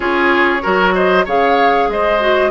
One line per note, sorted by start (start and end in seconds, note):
0.00 0.62 C#4
0.00 0.60 F4
0.00 0.62 G#4
0.00 0.93 C#5
0.62 1.26 F#3
0.62 1.25 F#4
0.62 0.94 A#4
0.94 1.25 C5
0.94 1.25 D#5
1.25 1.88 C#3
1.25 2.19 G#4
1.25 1.88 C#5
1.25 1.90 F5
1.88 2.51 G#3
1.88 2.51 C5
1.88 2.51 D#5
2.19 2.51 F#4